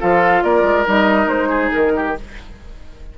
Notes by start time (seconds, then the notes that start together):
0.00 F3 F4 A4 F5
0.43 A#3 A#4 D5
0.64 G#3
0.86 G3 D#4 D#5
1.27 G#3 C5
1.49 G#4
1.72 D#3 A#4
1.96 G4